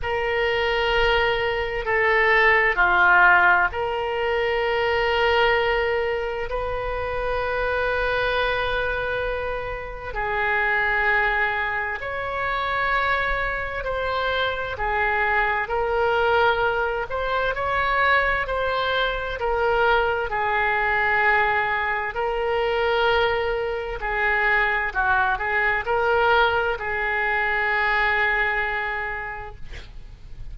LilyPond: \new Staff \with { instrumentName = "oboe" } { \time 4/4 \tempo 4 = 65 ais'2 a'4 f'4 | ais'2. b'4~ | b'2. gis'4~ | gis'4 cis''2 c''4 |
gis'4 ais'4. c''8 cis''4 | c''4 ais'4 gis'2 | ais'2 gis'4 fis'8 gis'8 | ais'4 gis'2. | }